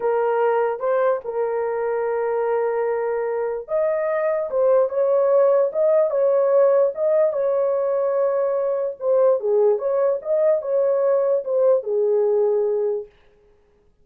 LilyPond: \new Staff \with { instrumentName = "horn" } { \time 4/4 \tempo 4 = 147 ais'2 c''4 ais'4~ | ais'1~ | ais'4 dis''2 c''4 | cis''2 dis''4 cis''4~ |
cis''4 dis''4 cis''2~ | cis''2 c''4 gis'4 | cis''4 dis''4 cis''2 | c''4 gis'2. | }